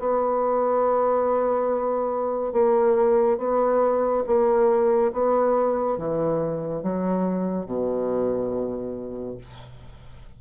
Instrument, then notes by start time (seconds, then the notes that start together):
bassoon
0.00 B3
2.53 A#3
3.38 B3
4.27 A#3
5.13 B3
5.98 E3
6.83 F#3
7.66 B2